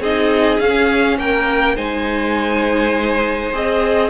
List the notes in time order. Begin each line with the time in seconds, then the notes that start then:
0.00 C4 D#4 G#4 D#5
0.59 C#4 F5
1.18 A#3 A#4 G5
1.75 G#3 D#4 C5 G#5
3.53 C4 G#4 D#5